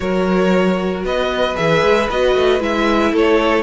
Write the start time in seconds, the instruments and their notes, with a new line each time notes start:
0.00 cello F#3, viola F#4, violin A#4 C#5
1.04 cello B3, violin B4 D#5
1.55 cello E3, viola G#4, violin E5
1.82 cello G#3
2.09 cello B3, viola F#4, violin D#5
2.35 cello A3
2.60 cello G#3, viola E4, violin E5
3.12 cello A3, violin A4 C#5